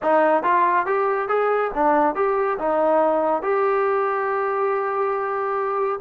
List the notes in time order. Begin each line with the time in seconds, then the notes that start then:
0.02 D#4
0.43 F4
0.86 G4
1.28 G#4
1.74 D4
2.15 G4
2.59 D#4
3.42 G4